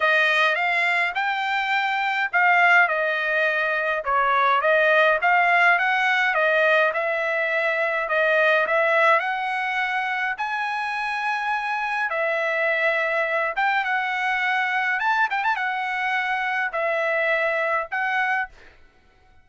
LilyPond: \new Staff \with { instrumentName = "trumpet" } { \time 4/4 \tempo 4 = 104 dis''4 f''4 g''2 | f''4 dis''2 cis''4 | dis''4 f''4 fis''4 dis''4 | e''2 dis''4 e''4 |
fis''2 gis''2~ | gis''4 e''2~ e''8 g''8 | fis''2 a''8 g''16 a''16 fis''4~ | fis''4 e''2 fis''4 | }